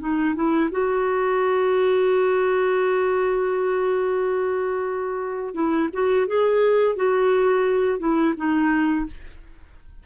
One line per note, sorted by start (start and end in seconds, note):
0.00 0.35 D#4
0.35 0.70 E4
0.71 5.54 F#4
5.54 5.89 E4
5.93 6.27 F#4
6.27 6.96 G#4
6.96 7.99 F#4
7.99 8.34 E4
8.37 9.06 D#4